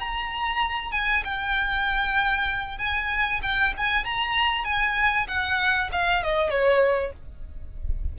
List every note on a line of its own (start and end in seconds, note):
0.00 0.92 A#5
0.92 1.23 G#5
1.25 2.78 G5
2.78 3.41 G#5
3.43 3.74 G5
3.78 4.05 G#5
4.05 4.65 A#5
4.65 5.28 G#5
5.28 5.90 F#5
5.93 6.24 F5
6.24 6.50 D#5
6.50 7.13 C#5